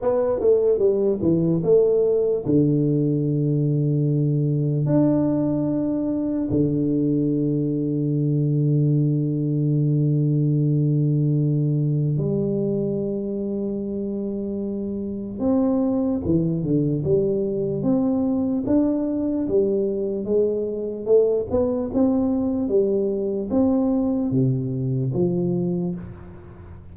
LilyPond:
\new Staff \with { instrumentName = "tuba" } { \time 4/4 \tempo 4 = 74 b8 a8 g8 e8 a4 d4~ | d2 d'2 | d1~ | d2. g4~ |
g2. c'4 | e8 d8 g4 c'4 d'4 | g4 gis4 a8 b8 c'4 | g4 c'4 c4 f4 | }